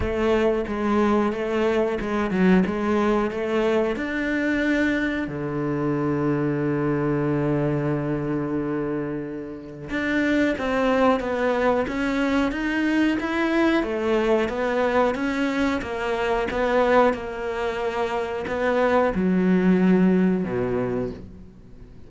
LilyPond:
\new Staff \with { instrumentName = "cello" } { \time 4/4 \tempo 4 = 91 a4 gis4 a4 gis8 fis8 | gis4 a4 d'2 | d1~ | d2. d'4 |
c'4 b4 cis'4 dis'4 | e'4 a4 b4 cis'4 | ais4 b4 ais2 | b4 fis2 b,4 | }